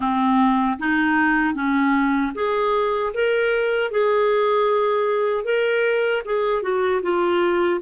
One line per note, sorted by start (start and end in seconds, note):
0.00 0.78 C4
0.78 1.54 D#4
1.54 2.32 C#4
2.34 3.12 G#4
3.14 3.91 A#4
3.91 5.44 G#4
5.44 6.22 A#4
6.25 6.62 G#4
6.62 7.01 F#4
7.02 7.80 F4